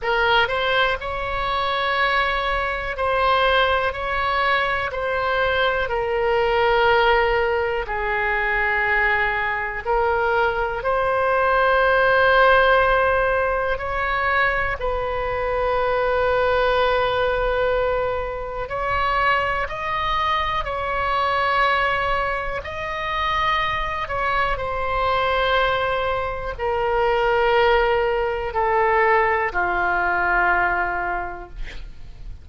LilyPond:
\new Staff \with { instrumentName = "oboe" } { \time 4/4 \tempo 4 = 61 ais'8 c''8 cis''2 c''4 | cis''4 c''4 ais'2 | gis'2 ais'4 c''4~ | c''2 cis''4 b'4~ |
b'2. cis''4 | dis''4 cis''2 dis''4~ | dis''8 cis''8 c''2 ais'4~ | ais'4 a'4 f'2 | }